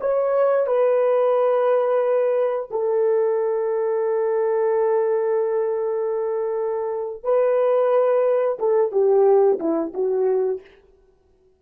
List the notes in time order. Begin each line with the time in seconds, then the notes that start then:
0.00 C#5
0.66 B4
2.70 A4
7.23 B4
8.59 A4
8.91 G4
9.59 E4
9.93 F#4